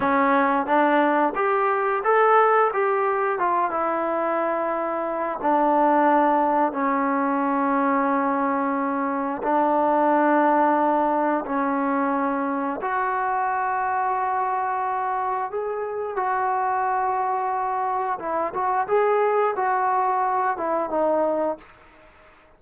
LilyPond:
\new Staff \with { instrumentName = "trombone" } { \time 4/4 \tempo 4 = 89 cis'4 d'4 g'4 a'4 | g'4 f'8 e'2~ e'8 | d'2 cis'2~ | cis'2 d'2~ |
d'4 cis'2 fis'4~ | fis'2. gis'4 | fis'2. e'8 fis'8 | gis'4 fis'4. e'8 dis'4 | }